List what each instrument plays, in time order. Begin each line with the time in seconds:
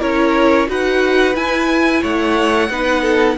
0.00 cello C#4, viola E4, violin A#4 C#5
0.67 cello D#4, viola F#4, violin B4 F#5
1.35 viola E4, cello E4, violin G#5
2.02 cello A3, violin C#5 F#5
2.70 cello B3, viola D#4, violin B4
3.02 violin A4